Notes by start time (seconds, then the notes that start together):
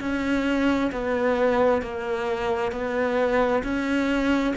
0.00 C#4
0.92 B3
1.82 A#3
2.71 B3
3.63 C#4